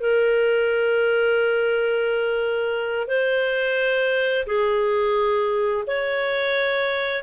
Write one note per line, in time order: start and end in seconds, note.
0.00 3.07 A#4
3.07 4.45 C5
4.46 5.84 G#4
5.87 7.23 C#5